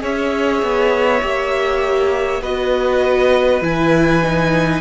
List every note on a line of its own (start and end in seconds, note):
0.00 0.63 C#4
0.00 1.20 G#4
0.00 2.42 C#5
0.00 2.43 E5
0.63 1.23 B3
1.22 2.42 A#3
1.22 2.42 G4
2.42 3.62 B3
2.42 3.62 F#4
2.42 4.81 B4
2.42 3.63 D#5
3.62 4.81 E3
3.62 4.22 E4
3.62 4.81 G#5
4.23 4.81 D#4